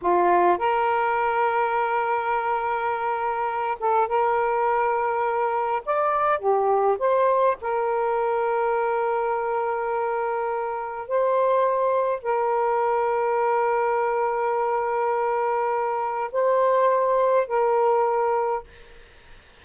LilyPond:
\new Staff \with { instrumentName = "saxophone" } { \time 4/4 \tempo 4 = 103 f'4 ais'2.~ | ais'2~ ais'8 a'8 ais'4~ | ais'2 d''4 g'4 | c''4 ais'2.~ |
ais'2. c''4~ | c''4 ais'2.~ | ais'1 | c''2 ais'2 | }